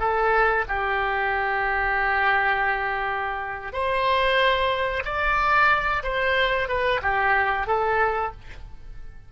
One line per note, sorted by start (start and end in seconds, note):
0.00 0.65 A4
0.68 3.74 G4
3.74 5.04 C5
5.05 6.03 D5
6.04 6.69 C5
6.69 7.01 B4
7.02 7.67 G4
7.67 8.32 A4